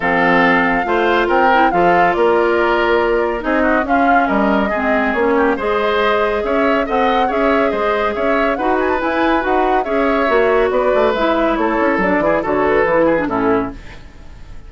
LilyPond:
<<
  \new Staff \with { instrumentName = "flute" } { \time 4/4 \tempo 4 = 140 f''2. g''4 | f''4 d''2. | dis''4 f''4 dis''2 | cis''4 dis''2 e''4 |
fis''4 e''4 dis''4 e''4 | fis''8 gis''16 a''16 gis''4 fis''4 e''4~ | e''4 d''4 e''4 cis''4 | d''4 cis''8 b'4. a'4 | }
  \new Staff \with { instrumentName = "oboe" } { \time 4/4 a'2 c''4 ais'4 | a'4 ais'2. | gis'8 fis'8 f'4 ais'4 gis'4~ | gis'8 g'8 c''2 cis''4 |
dis''4 cis''4 c''4 cis''4 | b'2. cis''4~ | cis''4 b'2 a'4~ | a'8 gis'8 a'4. gis'8 e'4 | }
  \new Staff \with { instrumentName = "clarinet" } { \time 4/4 c'2 f'4. e'8 | f'1 | dis'4 cis'2 c'4 | cis'4 gis'2. |
a'4 gis'2. | fis'4 e'4 fis'4 gis'4 | fis'2 e'2 | d'8 e'8 fis'4 e'8. d'16 cis'4 | }
  \new Staff \with { instrumentName = "bassoon" } { \time 4/4 f2 a4 c'4 | f4 ais2. | c'4 cis'4 g4 gis4 | ais4 gis2 cis'4 |
c'4 cis'4 gis4 cis'4 | dis'4 e'4 dis'4 cis'4 | ais4 b8 a8 gis4 a8 cis'8 | fis8 e8 d4 e4 a,4 | }
>>